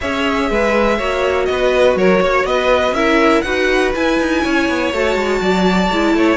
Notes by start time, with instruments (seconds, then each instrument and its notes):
0.00 cello C#4, viola G#4, violin C#5 E5
0.50 cello G#3, violin B4
0.97 cello A#3, viola F#4, violin C#5
1.45 cello B3, violin D#5
1.51 violin B4
1.95 cello F#3, violin A#4 C#5
2.20 cello A#3, violin C#5
2.44 cello B3, violin B4 D#5
2.91 cello C#4, viola E4, violin A#4 E5
3.41 cello D#4, viola F#4, violin B4 F#5
3.94 viola E4, cello E4, violin G#5
4.19 cello D#4
4.43 cello C#4, violin C#5
4.69 cello B3
4.92 cello A3, viola F#4, violin A5
5.15 cello G#3
5.40 cello F#3, violin D5
5.90 cello G#3, viola E4
6.14 cello A3, violin C#5